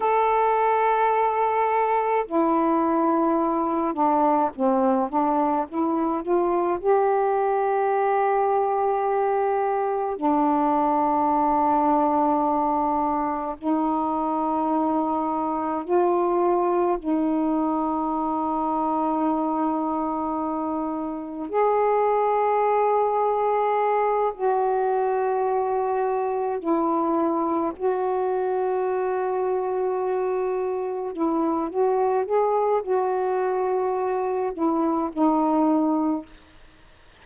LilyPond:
\new Staff \with { instrumentName = "saxophone" } { \time 4/4 \tempo 4 = 53 a'2 e'4. d'8 | c'8 d'8 e'8 f'8 g'2~ | g'4 d'2. | dis'2 f'4 dis'4~ |
dis'2. gis'4~ | gis'4. fis'2 e'8~ | e'8 fis'2. e'8 | fis'8 gis'8 fis'4. e'8 dis'4 | }